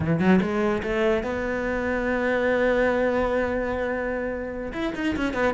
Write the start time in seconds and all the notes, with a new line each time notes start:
0.00 E3
0.19 F#3
0.41 G#3
0.83 A3
1.23 B3
4.72 E4
4.95 D#4
5.16 C#4
5.33 B3